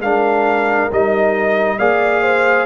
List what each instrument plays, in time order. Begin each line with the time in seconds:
0.00 tuba G#3, trombone D4, horn A#4, trumpet F5
0.92 tuba G3, trombone D#4, trumpet D#5
1.78 tuba A#3, trombone G#4, horn D5, trumpet F5
2.22 horn C5